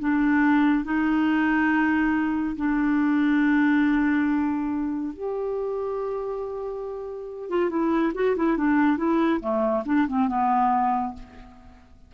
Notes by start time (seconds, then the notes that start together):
0.00 D4
0.85 D#4
2.56 D4
5.14 G4
7.50 F4
7.70 E4
8.15 F#4
8.36 E4
8.57 D4
8.97 E4
9.41 A3
9.86 D4
10.08 C4
10.28 B3